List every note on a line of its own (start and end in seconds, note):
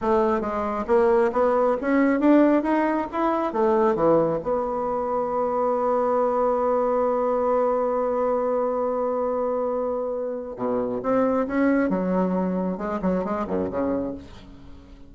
0.01 0.40 A3
0.40 0.84 G#3
0.87 1.31 A#3
1.32 1.76 B3
1.81 2.20 C#4
2.20 2.62 D4
2.62 3.07 D#4
3.11 3.52 E4
3.52 3.95 A3
3.95 4.39 E3
4.43 10.56 B3
10.56 11.00 B2
11.02 11.46 C4
11.47 11.89 C#4
11.89 12.77 F#3
12.77 12.99 G#3
13.02 13.24 F#3
13.24 13.46 G#3
13.47 13.69 F#2
13.70 14.14 C#3